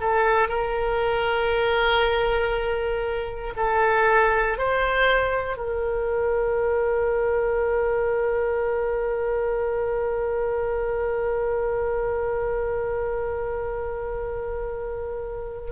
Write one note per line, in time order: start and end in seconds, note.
0.00 0.48 A4
0.48 3.53 A#4
3.56 4.58 A4
4.58 5.57 C5
5.57 15.71 A#4